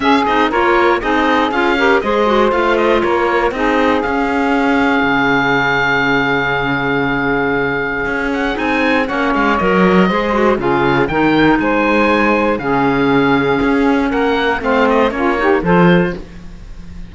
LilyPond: <<
  \new Staff \with { instrumentName = "oboe" } { \time 4/4 \tempo 4 = 119 f''8 dis''8 cis''4 dis''4 f''4 | dis''4 f''8 dis''8 cis''4 dis''4 | f''1~ | f''1~ |
f''8 fis''8 gis''4 fis''8 f''8 dis''4~ | dis''4 f''4 g''4 gis''4~ | gis''4 f''2. | fis''4 f''8 dis''8 cis''4 c''4 | }
  \new Staff \with { instrumentName = "saxophone" } { \time 4/4 gis'4 ais'4 gis'4. ais'8 | c''2 ais'4 gis'4~ | gis'1~ | gis'1~ |
gis'2 cis''2 | c''4 gis'4 ais'4 c''4~ | c''4 gis'2. | ais'4 c''4 f'8 g'8 a'4 | }
  \new Staff \with { instrumentName = "clarinet" } { \time 4/4 cis'8 dis'8 f'4 dis'4 f'8 g'8 | gis'8 fis'8 f'2 dis'4 | cis'1~ | cis'1~ |
cis'4 dis'4 cis'4 ais'4 | gis'8 fis'8 f'4 dis'2~ | dis'4 cis'2.~ | cis'4 c'4 cis'8 dis'8 f'4 | }
  \new Staff \with { instrumentName = "cello" } { \time 4/4 cis'8 c'8 ais4 c'4 cis'4 | gis4 a4 ais4 c'4 | cis'2 cis2~ | cis1 |
cis'4 c'4 ais8 gis8 fis4 | gis4 cis4 dis4 gis4~ | gis4 cis2 cis'4 | ais4 a4 ais4 f4 | }
>>